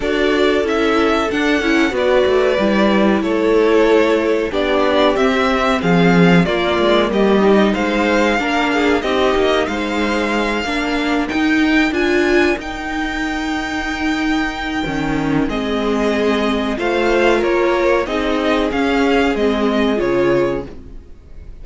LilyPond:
<<
  \new Staff \with { instrumentName = "violin" } { \time 4/4 \tempo 4 = 93 d''4 e''4 fis''4 d''4~ | d''4 cis''2 d''4 | e''4 f''4 d''4 dis''4 | f''2 dis''4 f''4~ |
f''4. g''4 gis''4 g''8~ | g''1 | dis''2 f''4 cis''4 | dis''4 f''4 dis''4 cis''4 | }
  \new Staff \with { instrumentName = "violin" } { \time 4/4 a'2. b'4~ | b'4 a'2 g'4~ | g'4 gis'4 f'4 g'4 | c''4 ais'8 gis'8 g'4 c''4~ |
c''8 ais'2.~ ais'8~ | ais'1 | gis'2 c''4 ais'4 | gis'1 | }
  \new Staff \with { instrumentName = "viola" } { \time 4/4 fis'4 e'4 d'8 e'8 fis'4 | e'2. d'4 | c'2 ais4. dis'8~ | dis'4 d'4 dis'2~ |
dis'8 d'4 dis'4 f'4 dis'8~ | dis'2. cis'4 | c'2 f'2 | dis'4 cis'4 c'4 f'4 | }
  \new Staff \with { instrumentName = "cello" } { \time 4/4 d'4 cis'4 d'8 cis'8 b8 a8 | g4 a2 b4 | c'4 f4 ais8 gis8 g4 | gis4 ais4 c'8 ais8 gis4~ |
gis8 ais4 dis'4 d'4 dis'8~ | dis'2. dis4 | gis2 a4 ais4 | c'4 cis'4 gis4 cis4 | }
>>